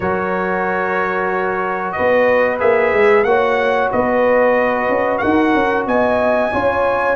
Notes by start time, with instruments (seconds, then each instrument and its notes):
0.00 tuba F#3, trombone F#4, horn A#4, trumpet C#5
1.92 horn B4, trumpet D#5
1.98 tuba B3
2.59 tuba A#3, trombone G#4, trumpet E5
2.92 tuba G#3
3.24 tuba A#3, trombone F#4, horn C#5, trumpet F#5
3.91 tuba B3, horn B4, trumpet D#5
4.88 tuba C#4
5.18 tuba D#4, horn A#4, trumpet F#5
5.54 tuba C#4
5.86 tuba B3, horn D#5, trumpet G#5
6.52 tuba C#4, trombone F4, horn C#5